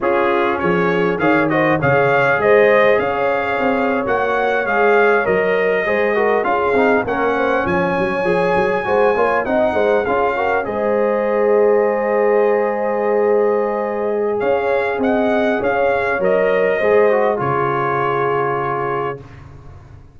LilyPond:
<<
  \new Staff \with { instrumentName = "trumpet" } { \time 4/4 \tempo 4 = 100 gis'4 cis''4 f''8 dis''8 f''4 | dis''4 f''4.~ f''16 fis''4 f''16~ | f''8. dis''2 f''4 fis''16~ | fis''8. gis''2. fis''16~ |
fis''8. f''4 dis''2~ dis''16~ | dis''1 | f''4 fis''4 f''4 dis''4~ | dis''4 cis''2. | }
  \new Staff \with { instrumentName = "horn" } { \time 4/4 f'4 gis'4 cis''8 c''8 cis''4 | c''4 cis''2.~ | cis''4.~ cis''16 c''8 ais'8 gis'4 ais'16~ | ais'16 c''8 cis''2 c''8 cis''8 dis''16~ |
dis''16 c''8 gis'8 ais'8 c''2~ c''16~ | c''1 | cis''4 dis''4 cis''2 | c''4 gis'2. | }
  \new Staff \with { instrumentName = "trombone" } { \time 4/4 cis'2 gis'8 fis'8 gis'4~ | gis'2~ gis'8. fis'4 gis'16~ | gis'8. ais'4 gis'8 fis'8 f'8 dis'8 cis'16~ | cis'4.~ cis'16 gis'4 fis'8 f'8 dis'16~ |
dis'8. f'8 fis'8 gis'2~ gis'16~ | gis'1~ | gis'2. ais'4 | gis'8 fis'8 f'2. | }
  \new Staff \with { instrumentName = "tuba" } { \time 4/4 cis'4 f4 dis4 cis4 | gis4 cis'4 c'8. ais4 gis16~ | gis8. fis4 gis4 cis'8 c'8 ais16~ | ais8. f8 fis8 f8 fis8 gis8 ais8 c'16~ |
c'16 gis8 cis'4 gis2~ gis16~ | gis1 | cis'4 c'4 cis'4 fis4 | gis4 cis2. | }
>>